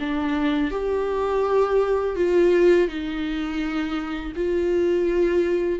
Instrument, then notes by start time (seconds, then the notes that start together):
viola
0.00 D4
0.71 G4
2.16 F4
2.88 D#4
4.36 F4